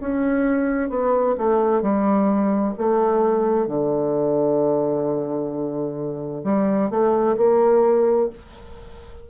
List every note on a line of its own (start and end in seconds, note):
0.00 0.89 C#4
0.89 1.35 B3
1.38 1.82 A3
1.82 2.74 G3
2.78 3.67 A3
3.67 6.44 D3
6.44 6.90 G3
6.90 7.36 A3
7.37 8.29 A#3